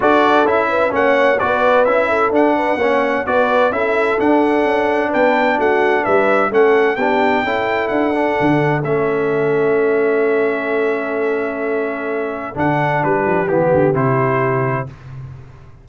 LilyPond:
<<
  \new Staff \with { instrumentName = "trumpet" } { \time 4/4 \tempo 4 = 129 d''4 e''4 fis''4 d''4 | e''4 fis''2 d''4 | e''4 fis''2 g''4 | fis''4 e''4 fis''4 g''4~ |
g''4 fis''2 e''4~ | e''1~ | e''2. fis''4 | b'4 g'4 c''2 | }
  \new Staff \with { instrumentName = "horn" } { \time 4/4 a'4. b'8 cis''4 b'4~ | b'8 a'4 b'8 cis''4 b'4 | a'2. b'4 | fis'4 b'4 a'4 g'4 |
a'1~ | a'1~ | a'1 | g'1 | }
  \new Staff \with { instrumentName = "trombone" } { \time 4/4 fis'4 e'4 cis'4 fis'4 | e'4 d'4 cis'4 fis'4 | e'4 d'2.~ | d'2 cis'4 d'4 |
e'4. d'4. cis'4~ | cis'1~ | cis'2. d'4~ | d'4 b4 e'2 | }
  \new Staff \with { instrumentName = "tuba" } { \time 4/4 d'4 cis'4 ais4 b4 | cis'4 d'4 ais4 b4 | cis'4 d'4 cis'4 b4 | a4 g4 a4 b4 |
cis'4 d'4 d4 a4~ | a1~ | a2. d4 | g8 f8 e8 d8 c2 | }
>>